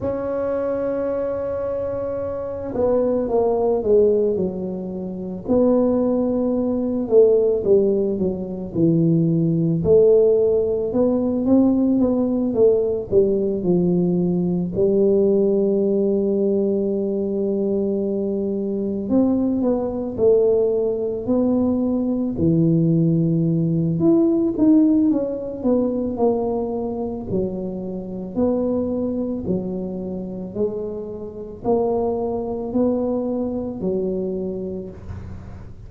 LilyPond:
\new Staff \with { instrumentName = "tuba" } { \time 4/4 \tempo 4 = 55 cis'2~ cis'8 b8 ais8 gis8 | fis4 b4. a8 g8 fis8 | e4 a4 b8 c'8 b8 a8 | g8 f4 g2~ g8~ |
g4. c'8 b8 a4 b8~ | b8 e4. e'8 dis'8 cis'8 b8 | ais4 fis4 b4 fis4 | gis4 ais4 b4 fis4 | }